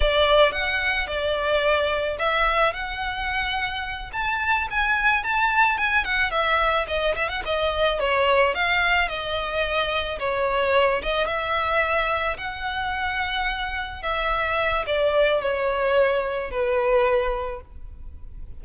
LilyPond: \new Staff \with { instrumentName = "violin" } { \time 4/4 \tempo 4 = 109 d''4 fis''4 d''2 | e''4 fis''2~ fis''8 a''8~ | a''8 gis''4 a''4 gis''8 fis''8 e''8~ | e''8 dis''8 e''16 fis''16 dis''4 cis''4 f''8~ |
f''8 dis''2 cis''4. | dis''8 e''2 fis''4.~ | fis''4. e''4. d''4 | cis''2 b'2 | }